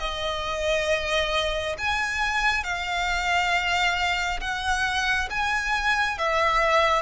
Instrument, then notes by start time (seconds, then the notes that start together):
violin
0.00 D#5
1.78 G#5
2.64 F5
4.41 F#5
5.30 G#5
6.18 E5